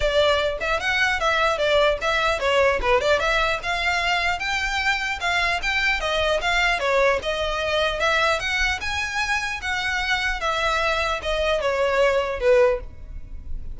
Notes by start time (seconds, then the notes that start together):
0.00 D5
0.60 E5
0.79 F#5
1.19 E5
1.58 D5
2.01 E5
2.39 C#5
2.81 B4
3.00 D5
3.19 E5
3.63 F5
4.39 G5
5.20 F5
5.62 G5
6.00 D#5
6.41 F5
6.79 C#5
7.22 D#5
7.99 E5
8.39 F#5
8.80 G#5
9.61 F#5
10.40 E5
11.22 D#5
11.61 C#5
12.40 B4